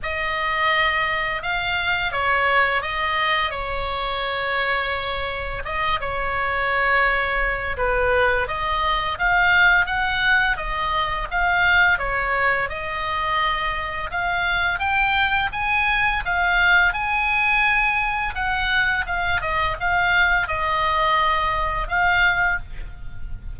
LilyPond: \new Staff \with { instrumentName = "oboe" } { \time 4/4 \tempo 4 = 85 dis''2 f''4 cis''4 | dis''4 cis''2. | dis''8 cis''2~ cis''8 b'4 | dis''4 f''4 fis''4 dis''4 |
f''4 cis''4 dis''2 | f''4 g''4 gis''4 f''4 | gis''2 fis''4 f''8 dis''8 | f''4 dis''2 f''4 | }